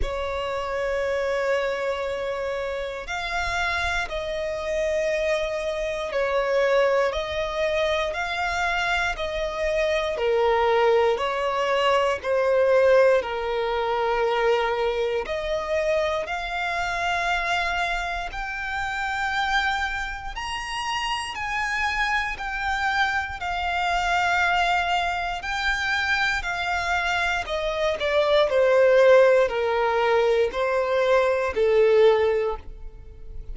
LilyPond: \new Staff \with { instrumentName = "violin" } { \time 4/4 \tempo 4 = 59 cis''2. f''4 | dis''2 cis''4 dis''4 | f''4 dis''4 ais'4 cis''4 | c''4 ais'2 dis''4 |
f''2 g''2 | ais''4 gis''4 g''4 f''4~ | f''4 g''4 f''4 dis''8 d''8 | c''4 ais'4 c''4 a'4 | }